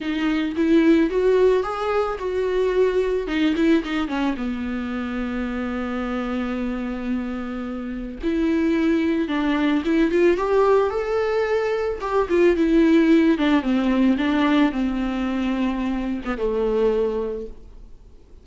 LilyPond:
\new Staff \with { instrumentName = "viola" } { \time 4/4 \tempo 4 = 110 dis'4 e'4 fis'4 gis'4 | fis'2 dis'8 e'8 dis'8 cis'8 | b1~ | b2. e'4~ |
e'4 d'4 e'8 f'8 g'4 | a'2 g'8 f'8 e'4~ | e'8 d'8 c'4 d'4 c'4~ | c'4.~ c'16 b16 a2 | }